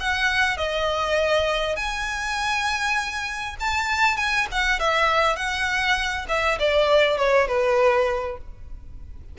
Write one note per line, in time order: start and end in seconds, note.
0.00 0.57 F#5
0.57 1.76 D#5
1.76 3.56 G#5
3.60 4.17 A5
4.17 4.47 G#5
4.52 4.80 F#5
4.80 5.36 E5
5.36 6.26 F#5
6.29 6.59 E5
6.59 7.18 D5
7.18 7.48 C#5
7.48 8.38 B4